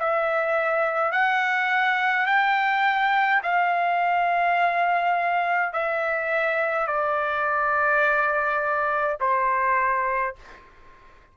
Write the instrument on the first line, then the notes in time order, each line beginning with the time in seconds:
trumpet
0.00 E5
1.12 F#5
2.27 G5
3.43 F5
5.73 E5
6.87 D5
9.20 C5